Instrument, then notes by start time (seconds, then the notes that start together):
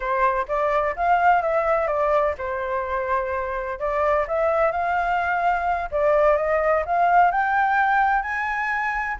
flute
0.00 C5
0.48 D5
0.96 F5
1.42 E5
1.87 D5
2.38 C5
3.79 D5
4.27 E5
4.71 F5
5.91 D5
6.37 D#5
6.85 F5
7.31 G5
8.22 G#5